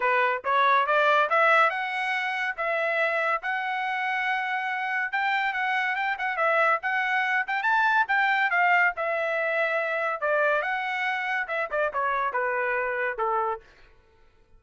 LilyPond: \new Staff \with { instrumentName = "trumpet" } { \time 4/4 \tempo 4 = 141 b'4 cis''4 d''4 e''4 | fis''2 e''2 | fis''1 | g''4 fis''4 g''8 fis''8 e''4 |
fis''4. g''8 a''4 g''4 | f''4 e''2. | d''4 fis''2 e''8 d''8 | cis''4 b'2 a'4 | }